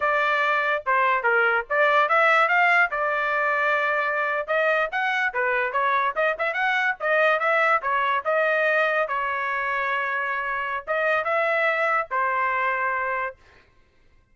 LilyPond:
\new Staff \with { instrumentName = "trumpet" } { \time 4/4 \tempo 4 = 144 d''2 c''4 ais'4 | d''4 e''4 f''4 d''4~ | d''2~ d''8. dis''4 fis''16~ | fis''8. b'4 cis''4 dis''8 e''8 fis''16~ |
fis''8. dis''4 e''4 cis''4 dis''16~ | dis''4.~ dis''16 cis''2~ cis''16~ | cis''2 dis''4 e''4~ | e''4 c''2. | }